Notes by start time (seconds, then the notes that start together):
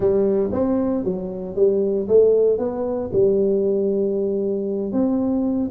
0.00 G3
0.52 C4
1.04 F#3
1.55 G3
2.08 A3
2.58 B3
3.12 G3
4.92 C4